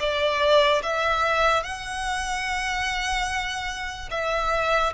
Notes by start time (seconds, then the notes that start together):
0.00 D5
0.83 E5
1.63 F#5
4.11 E5